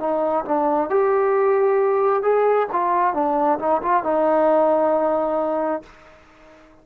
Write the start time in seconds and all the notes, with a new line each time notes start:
0.00 D#4
0.45 D4
0.90 G4
2.23 G#4
2.72 F4
3.14 D4
3.59 D#4
3.83 F4
4.04 D#4